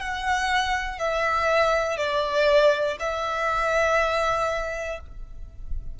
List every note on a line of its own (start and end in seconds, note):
0.00 0.99 F#5
0.99 1.97 E5
1.97 2.97 D5
3.00 5.00 E5